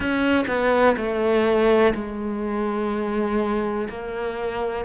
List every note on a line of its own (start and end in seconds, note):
0.00 0.44 C#4
0.47 0.95 B3
0.96 1.93 A3
1.94 3.88 G#3
3.89 4.85 A#3